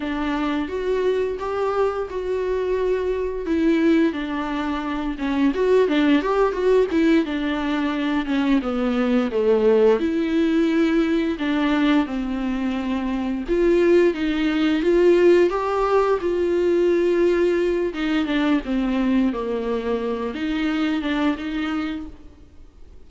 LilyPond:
\new Staff \with { instrumentName = "viola" } { \time 4/4 \tempo 4 = 87 d'4 fis'4 g'4 fis'4~ | fis'4 e'4 d'4. cis'8 | fis'8 d'8 g'8 fis'8 e'8 d'4. | cis'8 b4 a4 e'4.~ |
e'8 d'4 c'2 f'8~ | f'8 dis'4 f'4 g'4 f'8~ | f'2 dis'8 d'8 c'4 | ais4. dis'4 d'8 dis'4 | }